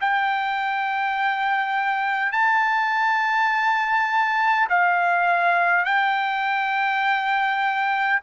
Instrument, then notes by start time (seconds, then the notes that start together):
trumpet
0.00 G5
2.32 A5
4.69 F5
5.84 G5